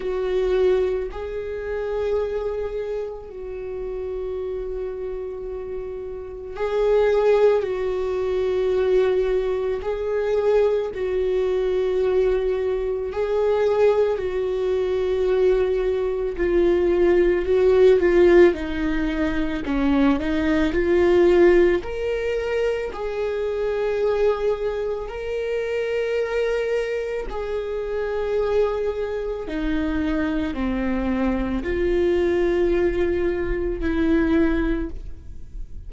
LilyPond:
\new Staff \with { instrumentName = "viola" } { \time 4/4 \tempo 4 = 55 fis'4 gis'2 fis'4~ | fis'2 gis'4 fis'4~ | fis'4 gis'4 fis'2 | gis'4 fis'2 f'4 |
fis'8 f'8 dis'4 cis'8 dis'8 f'4 | ais'4 gis'2 ais'4~ | ais'4 gis'2 dis'4 | c'4 f'2 e'4 | }